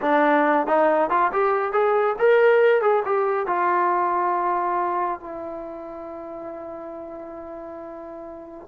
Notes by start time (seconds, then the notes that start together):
0.01 D4
0.66 D#4
1.09 F4
1.32 G4
1.72 G#4
2.19 A#4
2.81 G#4
3.05 G4
3.47 F4
5.20 E4